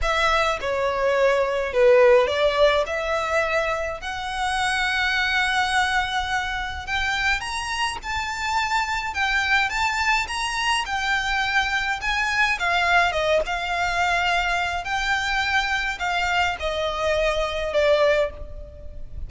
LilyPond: \new Staff \with { instrumentName = "violin" } { \time 4/4 \tempo 4 = 105 e''4 cis''2 b'4 | d''4 e''2 fis''4~ | fis''1 | g''4 ais''4 a''2 |
g''4 a''4 ais''4 g''4~ | g''4 gis''4 f''4 dis''8 f''8~ | f''2 g''2 | f''4 dis''2 d''4 | }